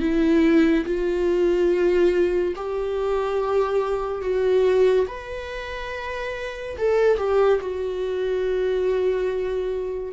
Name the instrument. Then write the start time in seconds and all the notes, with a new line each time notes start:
viola
0.00 E4
0.85 F4
2.56 G4
4.21 F#4
5.07 B4
6.78 A4
7.17 G4
7.61 F#4